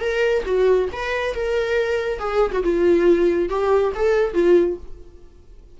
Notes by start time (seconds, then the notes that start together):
0.00 A#4
0.45 F#4
0.92 B4
1.34 A#4
2.19 G#4
2.52 F#4
2.63 F4
3.49 G4
3.95 A4
4.33 F4